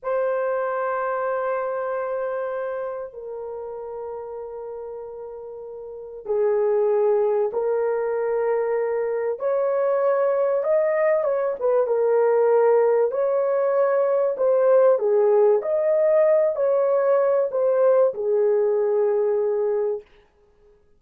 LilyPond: \new Staff \with { instrumentName = "horn" } { \time 4/4 \tempo 4 = 96 c''1~ | c''4 ais'2.~ | ais'2 gis'2 | ais'2. cis''4~ |
cis''4 dis''4 cis''8 b'8 ais'4~ | ais'4 cis''2 c''4 | gis'4 dis''4. cis''4. | c''4 gis'2. | }